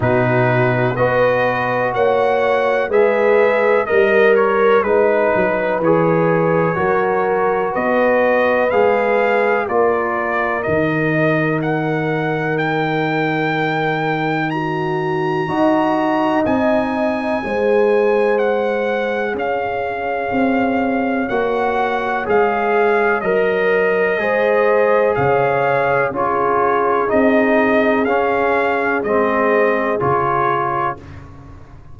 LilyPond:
<<
  \new Staff \with { instrumentName = "trumpet" } { \time 4/4 \tempo 4 = 62 b'4 dis''4 fis''4 e''4 | dis''8 cis''8 b'4 cis''2 | dis''4 f''4 d''4 dis''4 | fis''4 g''2 ais''4~ |
ais''4 gis''2 fis''4 | f''2 fis''4 f''4 | dis''2 f''4 cis''4 | dis''4 f''4 dis''4 cis''4 | }
  \new Staff \with { instrumentName = "horn" } { \time 4/4 fis'4 b'4 cis''4 b'4 | ais'4 b'2 ais'4 | b'2 ais'2~ | ais'2. fis'4 |
dis''2 c''2 | cis''1~ | cis''4 c''4 cis''4 gis'4~ | gis'1 | }
  \new Staff \with { instrumentName = "trombone" } { \time 4/4 dis'4 fis'2 gis'4 | ais'4 dis'4 gis'4 fis'4~ | fis'4 gis'4 f'4 dis'4~ | dis'1 |
fis'4 dis'4 gis'2~ | gis'2 fis'4 gis'4 | ais'4 gis'2 f'4 | dis'4 cis'4 c'4 f'4 | }
  \new Staff \with { instrumentName = "tuba" } { \time 4/4 b,4 b4 ais4 gis4 | g4 gis8 fis8 e4 fis4 | b4 gis4 ais4 dis4~ | dis1 |
dis'4 c'4 gis2 | cis'4 c'4 ais4 gis4 | fis4 gis4 cis4 cis'4 | c'4 cis'4 gis4 cis4 | }
>>